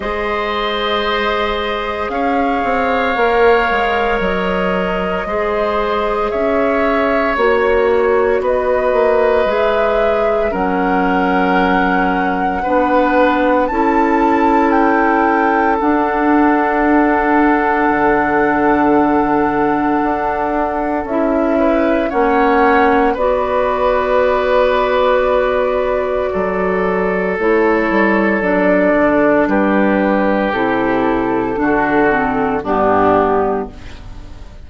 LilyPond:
<<
  \new Staff \with { instrumentName = "flute" } { \time 4/4 \tempo 4 = 57 dis''2 f''2 | dis''2 e''4 cis''4 | dis''4 e''4 fis''2~ | fis''4 a''4 g''4 fis''4~ |
fis''1 | e''4 fis''4 d''2~ | d''2 cis''4 d''4 | b'4 a'2 g'4 | }
  \new Staff \with { instrumentName = "oboe" } { \time 4/4 c''2 cis''2~ | cis''4 c''4 cis''2 | b'2 ais'2 | b'4 a'2.~ |
a'1~ | a'8 b'8 cis''4 b'2~ | b'4 a'2. | g'2 fis'4 d'4 | }
  \new Staff \with { instrumentName = "clarinet" } { \time 4/4 gis'2. ais'4~ | ais'4 gis'2 fis'4~ | fis'4 gis'4 cis'2 | d'4 e'2 d'4~ |
d'1 | e'4 cis'4 fis'2~ | fis'2 e'4 d'4~ | d'4 e'4 d'8 c'8 b4 | }
  \new Staff \with { instrumentName = "bassoon" } { \time 4/4 gis2 cis'8 c'8 ais8 gis8 | fis4 gis4 cis'4 ais4 | b8 ais8 gis4 fis2 | b4 cis'2 d'4~ |
d'4 d2 d'4 | cis'4 ais4 b2~ | b4 fis4 a8 g8 fis8 d8 | g4 c4 d4 g,4 | }
>>